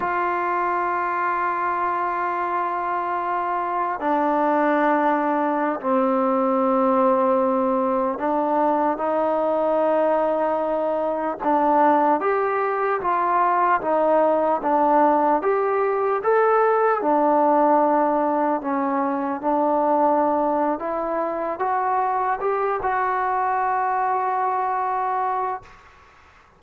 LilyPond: \new Staff \with { instrumentName = "trombone" } { \time 4/4 \tempo 4 = 75 f'1~ | f'4 d'2~ d'16 c'8.~ | c'2~ c'16 d'4 dis'8.~ | dis'2~ dis'16 d'4 g'8.~ |
g'16 f'4 dis'4 d'4 g'8.~ | g'16 a'4 d'2 cis'8.~ | cis'16 d'4.~ d'16 e'4 fis'4 | g'8 fis'2.~ fis'8 | }